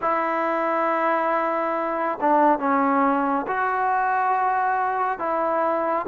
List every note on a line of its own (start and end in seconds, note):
0.01 2.19 E4
2.20 2.58 D4
2.58 3.45 C#4
3.47 5.19 F#4
5.19 6.06 E4